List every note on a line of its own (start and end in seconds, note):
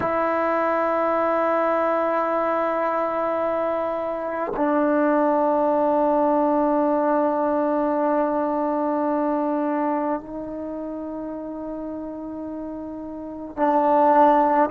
0.00 4.52 E4
4.56 10.20 D4
10.20 13.56 D#4
13.56 14.69 D4